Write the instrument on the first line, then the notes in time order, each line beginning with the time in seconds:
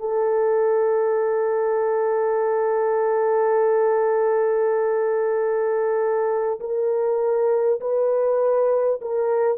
horn
0.00 A4
6.60 A#4
7.81 B4
9.02 A#4